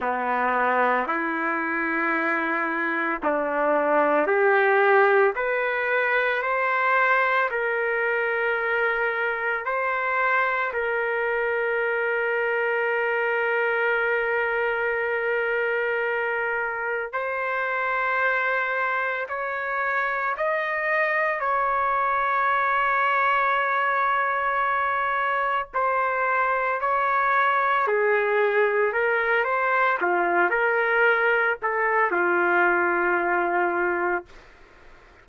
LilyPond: \new Staff \with { instrumentName = "trumpet" } { \time 4/4 \tempo 4 = 56 b4 e'2 d'4 | g'4 b'4 c''4 ais'4~ | ais'4 c''4 ais'2~ | ais'1 |
c''2 cis''4 dis''4 | cis''1 | c''4 cis''4 gis'4 ais'8 c''8 | f'8 ais'4 a'8 f'2 | }